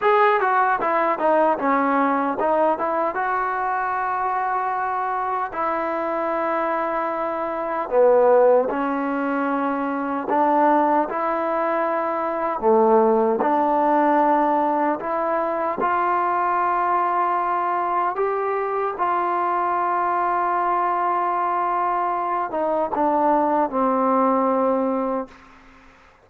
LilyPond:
\new Staff \with { instrumentName = "trombone" } { \time 4/4 \tempo 4 = 76 gis'8 fis'8 e'8 dis'8 cis'4 dis'8 e'8 | fis'2. e'4~ | e'2 b4 cis'4~ | cis'4 d'4 e'2 |
a4 d'2 e'4 | f'2. g'4 | f'1~ | f'8 dis'8 d'4 c'2 | }